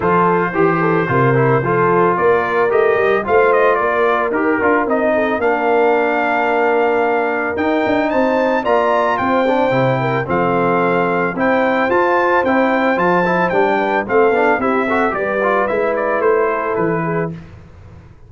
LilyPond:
<<
  \new Staff \with { instrumentName = "trumpet" } { \time 4/4 \tempo 4 = 111 c''1 | d''4 dis''4 f''8 dis''8 d''4 | ais'4 dis''4 f''2~ | f''2 g''4 a''4 |
ais''4 g''2 f''4~ | f''4 g''4 a''4 g''4 | a''4 g''4 f''4 e''4 | d''4 e''8 d''8 c''4 b'4 | }
  \new Staff \with { instrumentName = "horn" } { \time 4/4 a'4 g'8 a'8 ais'4 a'4 | ais'2 c''4 ais'4~ | ais'4. a'8 ais'2~ | ais'2. c''4 |
d''4 c''4. ais'8 a'4~ | a'4 c''2.~ | c''4. b'8 a'4 g'8 a'8 | b'2~ b'8 a'4 gis'8 | }
  \new Staff \with { instrumentName = "trombone" } { \time 4/4 f'4 g'4 f'8 e'8 f'4~ | f'4 g'4 f'2 | g'8 f'8 dis'4 d'2~ | d'2 dis'2 |
f'4. d'8 e'4 c'4~ | c'4 e'4 f'4 e'4 | f'8 e'8 d'4 c'8 d'8 e'8 fis'8 | g'8 f'8 e'2. | }
  \new Staff \with { instrumentName = "tuba" } { \time 4/4 f4 e4 c4 f4 | ais4 a8 g8 a4 ais4 | dis'8 d'8 c'4 ais2~ | ais2 dis'8 d'8 c'4 |
ais4 c'4 c4 f4~ | f4 c'4 f'4 c'4 | f4 g4 a8 b8 c'4 | g4 gis4 a4 e4 | }
>>